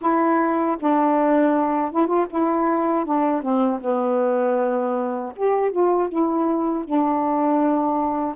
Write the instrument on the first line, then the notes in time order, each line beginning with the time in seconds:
saxophone
0.01 E4
0.80 D4
1.91 E4
2.06 F4
2.30 E4
3.05 D4
3.41 C4
3.80 B3
5.36 G4
5.71 F4
6.09 E4
6.85 D4